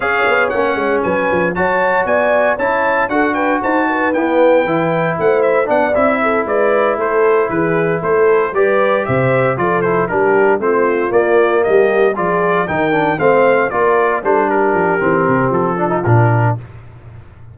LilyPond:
<<
  \new Staff \with { instrumentName = "trumpet" } { \time 4/4 \tempo 4 = 116 f''4 fis''4 gis''4 a''4 | gis''4 a''4 fis''8 g''8 a''4 | g''2 fis''8 e''8 fis''8 e''8~ | e''8 d''4 c''4 b'4 c''8~ |
c''8 d''4 e''4 d''8 c''8 ais'8~ | ais'8 c''4 d''4 dis''4 d''8~ | d''8 g''4 f''4 d''4 c''8 | ais'2 a'4 ais'4 | }
  \new Staff \with { instrumentName = "horn" } { \time 4/4 cis''2 b'4 cis''4 | d''4 cis''4 a'8 b'8 c''8 b'8~ | b'2 c''4 d''4 | a'8 b'4 a'4 gis'4 a'8~ |
a'8 b'4 c''4 a'4 g'8~ | g'8 f'2 g'4 gis'8~ | gis'8 ais'4 c''4 ais'4 a'8 | g'2~ g'8 f'4. | }
  \new Staff \with { instrumentName = "trombone" } { \time 4/4 gis'4 cis'2 fis'4~ | fis'4 e'4 fis'2 | b4 e'2 d'8 e'8~ | e'1~ |
e'8 g'2 f'8 e'8 d'8~ | d'8 c'4 ais2 f'8~ | f'8 dis'8 d'8 c'4 f'4 d'8~ | d'4 c'4. d'16 dis'16 d'4 | }
  \new Staff \with { instrumentName = "tuba" } { \time 4/4 cis'8 b8 ais8 gis8 fis8 f8 fis4 | b4 cis'4 d'4 dis'4 | e'4 e4 a4 b8 c'8~ | c'8 gis4 a4 e4 a8~ |
a8 g4 c4 f4 g8~ | g8 a4 ais4 g4 f8~ | f8 dis4 a4 ais4 g8~ | g8 f8 e8 c8 f4 ais,4 | }
>>